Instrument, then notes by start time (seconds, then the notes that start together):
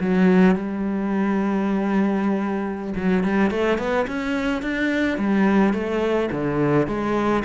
cello
0.00 F#3
0.55 G3
2.96 F#3
3.23 G3
3.50 A3
3.78 B3
4.07 C#4
4.62 D4
5.18 G3
5.73 A3
6.31 D3
6.87 G#3